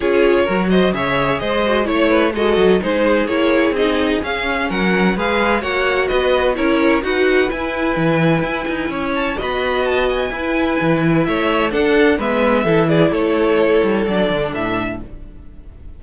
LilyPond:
<<
  \new Staff \with { instrumentName = "violin" } { \time 4/4 \tempo 4 = 128 cis''4. dis''8 e''4 dis''4 | cis''4 dis''4 c''4 cis''4 | dis''4 f''4 fis''4 f''4 | fis''4 dis''4 cis''4 fis''4 |
gis''2.~ gis''8 a''8 | b''4 a''8 gis''2~ gis''8 | e''4 fis''4 e''4. d''8 | cis''2 d''4 e''4 | }
  \new Staff \with { instrumentName = "violin" } { \time 4/4 gis'4 ais'8 c''8 cis''4 c''4 | cis''8 b'8 a'4 gis'2~ | gis'2 ais'4 b'4 | cis''4 b'4 ais'4 b'4~ |
b'2. cis''4 | dis''2 b'2 | cis''4 a'4 b'4 a'8 gis'8 | a'1 | }
  \new Staff \with { instrumentName = "viola" } { \time 4/4 f'4 fis'4 gis'4. fis'8 | e'4 fis'4 dis'4 e'4 | dis'4 cis'2 gis'4 | fis'2 e'4 fis'4 |
e'1 | fis'2 e'2~ | e'4 d'4 b4 e'4~ | e'2 d'2 | }
  \new Staff \with { instrumentName = "cello" } { \time 4/4 cis'4 fis4 cis4 gis4 | a4 gis8 fis8 gis4 ais4 | c'4 cis'4 fis4 gis4 | ais4 b4 cis'4 dis'4 |
e'4 e4 e'8 dis'8 cis'4 | b2 e'4 e4 | a4 d'4 gis4 e4 | a4. g8 fis8 d8 a,4 | }
>>